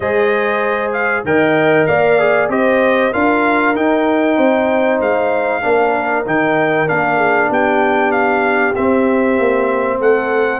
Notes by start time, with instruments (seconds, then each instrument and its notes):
0.00 tuba G#3, trombone G#4, horn C5, trumpet D#5
0.92 trumpet F5
1.24 tuba D#3, trombone A#4, horn D#5, trumpet G5
1.86 tuba A#3, horn D5, trumpet F5
2.19 trombone G#4
2.48 tuba C4, trombone G4, horn C5, trumpet D#5
3.12 tuba D4, trombone F4, horn A#4, trumpet F5
3.74 trombone D#4, tuba D#4, trumpet G5
4.36 tuba C4, horn C5
5.00 tuba G#3, trumpet F5
5.62 tuba A#3, trombone D4, horn A#4
6.25 tuba D#3, trombone D#4, trumpet G5
6.86 tuba A#3, trombone D4, trumpet F5
7.17 horn G#4
7.49 tuba B3, horn G4, trumpet G5
8.11 trumpet F5
8.75 trombone C4, tuba C4, trumpet E5
9.38 tuba A#3
9.98 tuba A3, horn A4, trumpet F#5